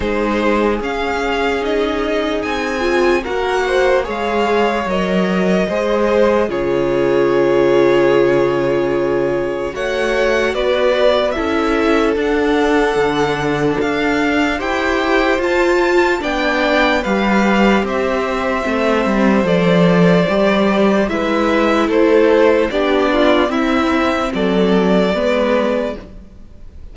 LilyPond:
<<
  \new Staff \with { instrumentName = "violin" } { \time 4/4 \tempo 4 = 74 c''4 f''4 dis''4 gis''4 | fis''4 f''4 dis''2 | cis''1 | fis''4 d''4 e''4 fis''4~ |
fis''4 f''4 g''4 a''4 | g''4 f''4 e''2 | d''2 e''4 c''4 | d''4 e''4 d''2 | }
  \new Staff \with { instrumentName = "violin" } { \time 4/4 gis'1 | ais'8 c''8 cis''2 c''4 | gis'1 | cis''4 b'4 a'2~ |
a'2 c''2 | d''4 b'4 c''2~ | c''2 b'4 a'4 | g'8 f'8 e'4 a'4 b'4 | }
  \new Staff \with { instrumentName = "viola" } { \time 4/4 dis'4 cis'4 dis'4. f'8 | fis'4 gis'4 ais'4 gis'4 | f'1 | fis'2 e'4 d'4~ |
d'2 g'4 f'4 | d'4 g'2 c'4 | a'4 g'4 e'2 | d'4 c'2 b4 | }
  \new Staff \with { instrumentName = "cello" } { \time 4/4 gis4 cis'2 c'4 | ais4 gis4 fis4 gis4 | cis1 | a4 b4 cis'4 d'4 |
d4 d'4 e'4 f'4 | b4 g4 c'4 a8 g8 | f4 g4 gis4 a4 | b4 c'4 fis4 gis4 | }
>>